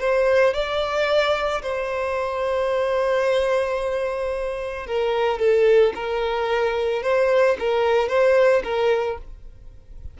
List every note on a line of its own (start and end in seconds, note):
0.00 0.54 C5
0.54 1.62 D5
1.62 4.86 C5
4.86 5.39 A#4
5.39 5.93 A4
5.95 7.03 A#4
7.03 7.57 C5
7.59 8.09 A#4
8.09 8.63 C5
8.64 9.18 A#4